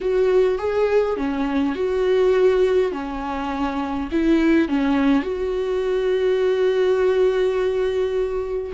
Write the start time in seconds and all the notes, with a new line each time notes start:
0.00 F#4
0.58 G#4
1.17 C#4
1.75 F#4
2.92 C#4
4.11 E4
4.68 C#4
5.22 F#4